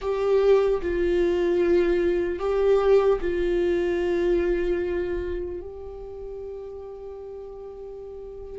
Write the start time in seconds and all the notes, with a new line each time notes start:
0.01 G4
0.81 F4
2.39 G4
3.20 F4
5.60 G4